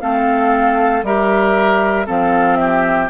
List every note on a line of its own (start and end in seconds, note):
0.00 1.03 A3
0.00 1.03 C4
0.00 1.05 A4
0.00 1.03 F5
1.03 2.06 G3
1.03 2.06 G4
1.03 2.06 A#4
1.03 2.08 E5
2.06 3.10 F3
2.06 3.09 C4
2.06 2.58 A4
2.06 2.56 F5
2.56 3.10 G4
2.56 3.08 E5